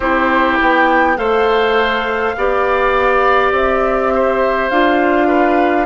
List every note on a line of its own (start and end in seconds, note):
0.00 0.57 C4
0.00 1.16 E4
0.00 1.17 G4
0.00 0.56 C5
0.61 1.17 B3
0.61 1.17 G5
1.16 2.35 A3
1.16 2.34 A4
1.16 2.35 C5
1.16 3.52 F5
2.37 3.51 B3
2.37 4.71 G4
2.37 4.14 D5
3.51 4.69 C4
3.51 4.69 E5
4.14 5.27 C5
4.69 5.86 D4
4.69 5.86 F4
4.69 5.86 F5
5.27 5.86 B4